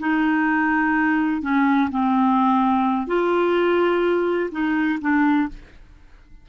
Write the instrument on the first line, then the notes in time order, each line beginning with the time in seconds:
clarinet
0.00 D#4
1.42 C#4
1.91 C4
3.07 F4
4.52 D#4
5.01 D4